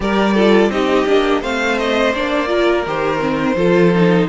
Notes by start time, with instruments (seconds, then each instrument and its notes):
0.00 cello G3, viola G4, violin A#4 D5
0.34 viola F4, violin A4
0.69 cello C4, viola D#4, violin G4 D#5
1.06 cello A#3, viola D4
1.41 cello A3, viola C4, violin C5 F5
1.78 violin D#5
2.14 cello A#3, viola D4, violin D5
2.47 viola F4, violin A#4
2.85 cello D#3, viola G4, violin C5
3.18 viola C4
3.55 cello F3, viola F4, violin A4
3.94 viola D#4